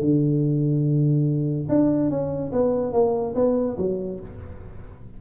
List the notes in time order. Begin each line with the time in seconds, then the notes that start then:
0.00 D3
1.69 D4
2.10 C#4
2.52 B3
2.93 A#3
3.35 B3
3.78 F#3